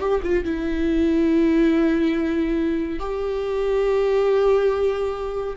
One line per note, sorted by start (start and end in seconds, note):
0.00 0.21 G4
0.23 0.44 F4
0.45 3.00 E4
3.00 5.57 G4